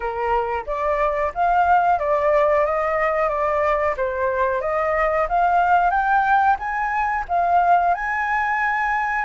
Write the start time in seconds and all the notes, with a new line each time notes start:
0.00 A#4
0.66 D5
1.34 F5
1.99 D5
2.65 D#5
3.28 D5
3.97 C5
4.61 D#5
5.28 F5
5.90 G5
6.59 G#5
7.28 F5
7.94 G#5